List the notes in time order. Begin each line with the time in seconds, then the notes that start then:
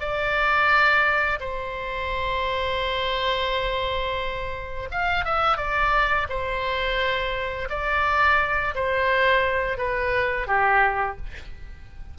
0.00 D5
1.40 C5
4.92 F5
5.25 E5
5.58 D5
6.29 C5
7.70 D5
8.75 C5
9.78 B4
10.47 G4